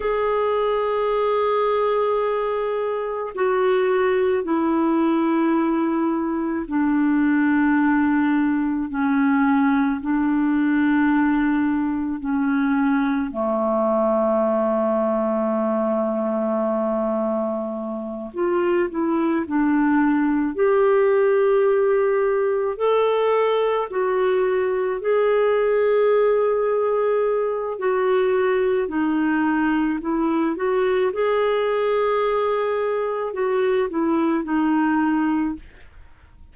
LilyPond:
\new Staff \with { instrumentName = "clarinet" } { \time 4/4 \tempo 4 = 54 gis'2. fis'4 | e'2 d'2 | cis'4 d'2 cis'4 | a1~ |
a8 f'8 e'8 d'4 g'4.~ | g'8 a'4 fis'4 gis'4.~ | gis'4 fis'4 dis'4 e'8 fis'8 | gis'2 fis'8 e'8 dis'4 | }